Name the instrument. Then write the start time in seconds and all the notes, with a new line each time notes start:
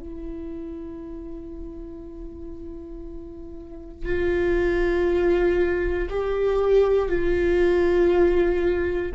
viola
0.00 E4
4.06 F4
6.10 G4
7.09 F4